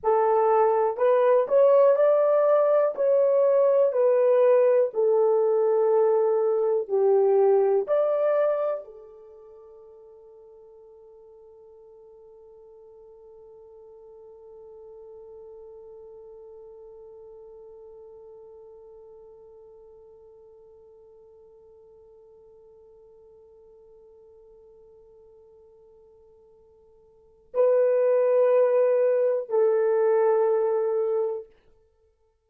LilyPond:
\new Staff \with { instrumentName = "horn" } { \time 4/4 \tempo 4 = 61 a'4 b'8 cis''8 d''4 cis''4 | b'4 a'2 g'4 | d''4 a'2.~ | a'1~ |
a'1~ | a'1~ | a'1 | b'2 a'2 | }